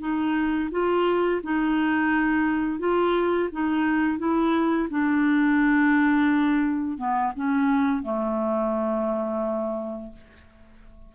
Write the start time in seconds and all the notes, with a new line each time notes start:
0.00 D#4
0.71 F4
1.44 D#4
2.79 F4
3.52 D#4
4.19 E4
4.90 D4
6.98 B3
7.36 C#4
8.03 A3